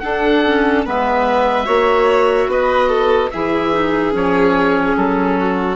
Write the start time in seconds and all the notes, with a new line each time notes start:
0.00 D4 A4 F#5
0.46 C#4
0.86 G#3 B3 B4 E5
1.66 A#3 F#4 C#5
2.47 B3 B4 D#5
2.89 A4
3.30 E3 E4 G#4 E5
3.72 D#4
4.12 F3 C#4 C#5
4.97 F#3 A4
5.39 F#4